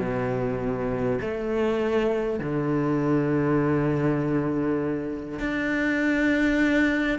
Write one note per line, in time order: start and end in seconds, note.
0.00 1.20 B2
1.22 2.40 A3
2.40 5.39 D3
5.39 7.19 D4